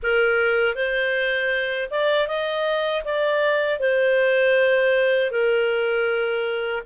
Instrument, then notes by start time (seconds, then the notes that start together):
clarinet
0.02 A#4
0.75 C5
1.90 D5
2.28 D#5
3.04 D5
3.79 C5
5.31 A#4